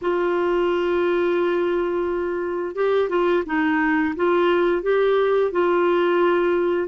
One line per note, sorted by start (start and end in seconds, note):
0.01 2.75 F4
2.75 3.09 G4
3.09 3.43 F4
3.45 4.14 D#4
4.15 4.82 F4
4.82 5.51 G4
5.51 6.88 F4